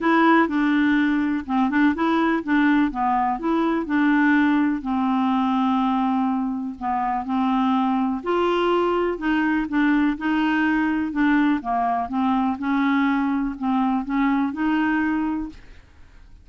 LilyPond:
\new Staff \with { instrumentName = "clarinet" } { \time 4/4 \tempo 4 = 124 e'4 d'2 c'8 d'8 | e'4 d'4 b4 e'4 | d'2 c'2~ | c'2 b4 c'4~ |
c'4 f'2 dis'4 | d'4 dis'2 d'4 | ais4 c'4 cis'2 | c'4 cis'4 dis'2 | }